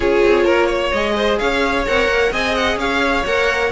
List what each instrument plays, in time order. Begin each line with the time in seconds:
0.00 cello C#4, viola F4, violin G#4 C#5
0.25 cello C4
0.44 cello A#3, violin A#4
0.66 violin C#5
0.92 cello G#3, viola G#4, violin D#5
1.15 violin C5
1.38 cello C#4, violin C#5 F5
1.86 cello C4, viola A#4, violin F#5
2.08 cello A#3
2.31 cello C4, viola G#4, violin D#5 G#5
2.54 violin F#5
2.76 cello C#4, violin C#5 F5
3.25 cello A#3, viola A#4, violin F#5